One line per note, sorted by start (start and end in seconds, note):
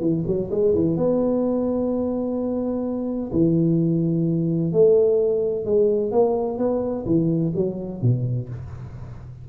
0.00 0.23 E3
0.26 0.50 F#3
0.50 0.74 G#3
0.75 0.96 E3
0.96 3.31 B3
3.32 4.72 E3
4.72 5.65 A3
5.65 6.11 G#3
6.11 6.58 A#3
6.58 7.04 B3
7.06 7.53 E3
7.55 8.02 F#3
8.02 8.48 B2